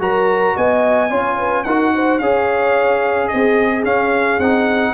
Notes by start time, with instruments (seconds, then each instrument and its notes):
0.00 tuba F#3, trombone F#4, horn A#4, trumpet A#5
0.56 tuba B3, horn D#5, trumpet G#5
1.11 tuba C#4, trombone F4, horn C#5
1.39 horn B4
1.64 tuba D#4, trombone F#4, horn A#4, trumpet F#5
1.95 horn C5
2.19 tuba C#4, trombone G#4, horn C#5, trumpet F5
3.28 tuba C4, horn G#4, trumpet D#5
3.84 tuba C#4, trombone C#4, trumpet F5
4.40 tuba C4, trombone D#4, trumpet F#5